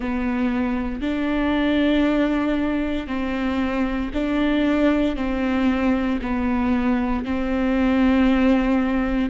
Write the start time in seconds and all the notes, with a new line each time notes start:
0.00 B3
1.01 D4
3.07 C4
4.13 D4
5.16 C4
6.21 B3
7.25 C4